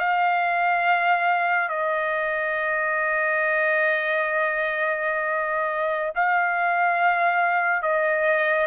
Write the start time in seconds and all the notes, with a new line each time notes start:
0.00 F5
1.69 D#5
6.15 F5
7.82 D#5